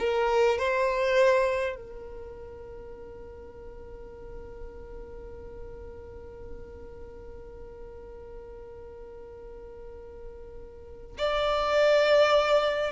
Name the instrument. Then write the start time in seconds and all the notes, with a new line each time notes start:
violin
0.00 A#4
0.59 C5
1.76 A#4
11.19 D5